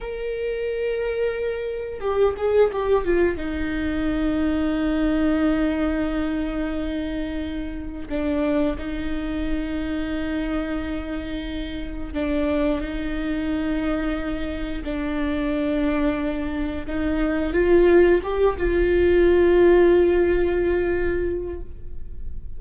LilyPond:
\new Staff \with { instrumentName = "viola" } { \time 4/4 \tempo 4 = 89 ais'2. g'8 gis'8 | g'8 f'8 dis'2.~ | dis'1 | d'4 dis'2.~ |
dis'2 d'4 dis'4~ | dis'2 d'2~ | d'4 dis'4 f'4 g'8 f'8~ | f'1 | }